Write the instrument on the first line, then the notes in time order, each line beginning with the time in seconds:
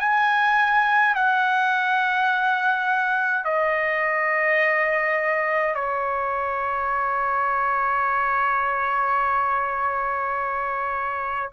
trumpet
0.00 G#5
1.15 F#5
3.45 D#5
5.75 C#5